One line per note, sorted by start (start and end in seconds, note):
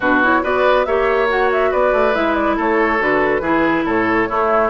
0.00 0.42 B2
0.00 0.23 D4
0.00 0.42 F#4
0.00 0.22 B4
0.23 0.43 E4
0.23 0.44 C#5
0.43 0.86 B3
0.43 0.86 F#4
0.43 0.86 B4
0.43 0.85 D5
0.85 1.72 A#3
0.85 1.28 G4
0.85 1.71 C#5
0.85 1.28 E5
1.28 2.13 F#4
1.28 1.51 F#5
1.51 1.72 E5
1.71 1.92 B3
1.71 2.56 B4
1.71 2.14 D5
1.92 2.14 A3
2.13 2.58 G#3
2.13 2.99 E4
2.13 2.34 E5
2.34 2.56 D5
2.56 3.00 A3
2.56 3.41 A4
2.56 3.02 C#5
2.99 3.40 D3
2.99 3.42 F#4
2.99 3.88 B4
3.40 3.83 E3
3.40 4.28 E4
3.40 3.84 G#4
3.85 4.28 A2
3.85 4.28 A4
3.85 4.70 C#5
4.28 4.70 A3
4.28 4.70 E4